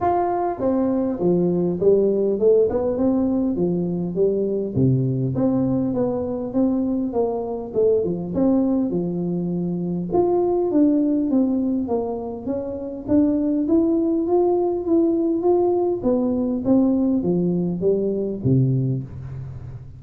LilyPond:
\new Staff \with { instrumentName = "tuba" } { \time 4/4 \tempo 4 = 101 f'4 c'4 f4 g4 | a8 b8 c'4 f4 g4 | c4 c'4 b4 c'4 | ais4 a8 f8 c'4 f4~ |
f4 f'4 d'4 c'4 | ais4 cis'4 d'4 e'4 | f'4 e'4 f'4 b4 | c'4 f4 g4 c4 | }